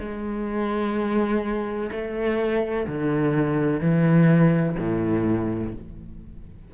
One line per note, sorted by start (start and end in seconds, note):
0.00 1.90 G#3
1.92 2.87 A3
2.87 3.81 D3
3.81 4.76 E3
4.79 5.74 A2